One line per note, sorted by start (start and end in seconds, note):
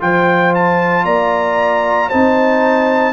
0.00 1.04 F3
0.00 2.11 F4
0.00 1.05 C5
0.00 0.54 G5
0.54 1.05 A5
1.04 2.10 A#3
1.04 2.09 D5
1.04 2.09 A#5
2.09 3.13 C4
2.09 3.13 D#4
2.09 3.13 C5
2.09 3.13 A5